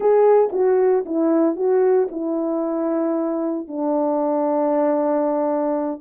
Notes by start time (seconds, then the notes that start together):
0.00 G#4
0.52 F#4
1.05 E4
1.56 F#4
2.11 E4
3.67 D4